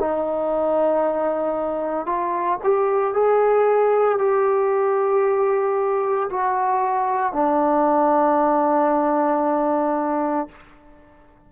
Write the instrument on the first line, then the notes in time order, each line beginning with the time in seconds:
trombone
0.00 D#4
2.06 F4
2.64 G4
3.14 G#4
4.19 G4
6.30 F#4
7.33 D4